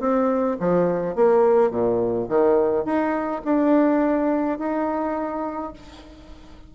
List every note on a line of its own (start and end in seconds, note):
0.00 0.57 C4
0.60 1.15 F3
1.15 1.70 A#3
1.70 2.28 A#2
2.29 2.85 D#3
2.85 3.42 D#4
3.45 4.59 D4
4.59 5.73 D#4